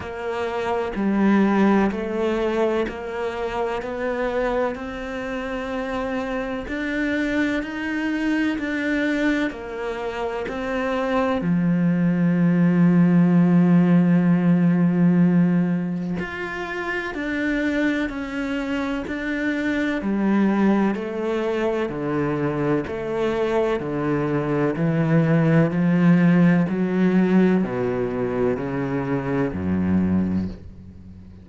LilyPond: \new Staff \with { instrumentName = "cello" } { \time 4/4 \tempo 4 = 63 ais4 g4 a4 ais4 | b4 c'2 d'4 | dis'4 d'4 ais4 c'4 | f1~ |
f4 f'4 d'4 cis'4 | d'4 g4 a4 d4 | a4 d4 e4 f4 | fis4 b,4 cis4 fis,4 | }